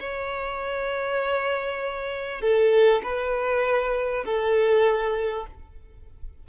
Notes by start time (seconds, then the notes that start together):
0.00 C#5
2.41 A4
3.03 B4
4.25 A4